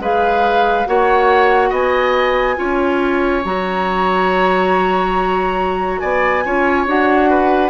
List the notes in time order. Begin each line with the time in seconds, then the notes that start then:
0.00 G#3 G#4 B4 F5
0.87 A#3 F#4 C#5 F#5
1.69 B3 D#5 G#5
2.56 C#4 F4 C#5
3.45 F#3 F#4 A#5
5.99 B3 D5 G#5
6.45 C#4 F4 C#5
6.87 D4 F#4 F#5
7.30 B4